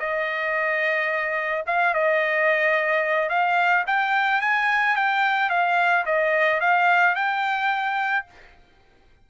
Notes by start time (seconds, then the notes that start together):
0.00 D#5
1.67 F5
1.94 D#5
3.30 F5
3.87 G5
4.42 G#5
4.96 G5
5.50 F5
6.06 D#5
6.61 F5
7.16 G5